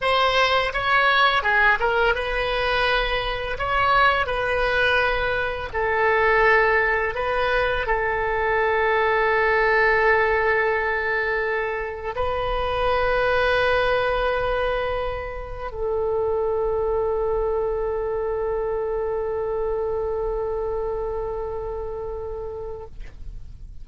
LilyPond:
\new Staff \with { instrumentName = "oboe" } { \time 4/4 \tempo 4 = 84 c''4 cis''4 gis'8 ais'8 b'4~ | b'4 cis''4 b'2 | a'2 b'4 a'4~ | a'1~ |
a'4 b'2.~ | b'2 a'2~ | a'1~ | a'1 | }